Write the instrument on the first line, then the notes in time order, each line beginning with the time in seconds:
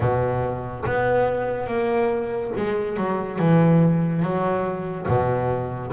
double bass
0.00 B2
0.86 B3
1.67 A#3
2.57 G#3
2.96 F#3
3.38 E3
4.22 F#3
5.07 B2